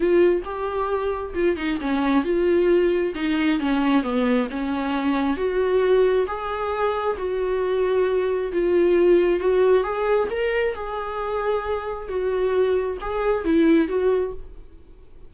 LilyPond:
\new Staff \with { instrumentName = "viola" } { \time 4/4 \tempo 4 = 134 f'4 g'2 f'8 dis'8 | cis'4 f'2 dis'4 | cis'4 b4 cis'2 | fis'2 gis'2 |
fis'2. f'4~ | f'4 fis'4 gis'4 ais'4 | gis'2. fis'4~ | fis'4 gis'4 e'4 fis'4 | }